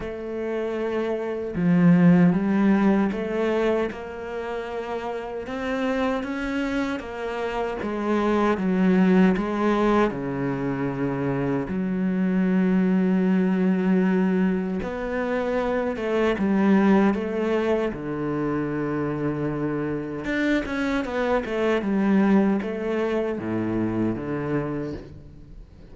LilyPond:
\new Staff \with { instrumentName = "cello" } { \time 4/4 \tempo 4 = 77 a2 f4 g4 | a4 ais2 c'4 | cis'4 ais4 gis4 fis4 | gis4 cis2 fis4~ |
fis2. b4~ | b8 a8 g4 a4 d4~ | d2 d'8 cis'8 b8 a8 | g4 a4 a,4 d4 | }